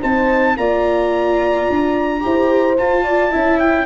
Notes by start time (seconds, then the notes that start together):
0.00 C4 D#4 C5 A5
0.57 A#3 F4 D5 A#5
1.70 D4
2.21 E4 G4 C5
2.78 F4 A5
3.04 D5
3.31 C#4 E4 E5
3.60 G5